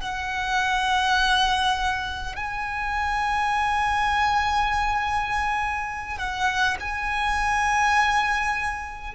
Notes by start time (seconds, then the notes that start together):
0.00 F#5
2.36 G#5
6.18 F#5
6.80 G#5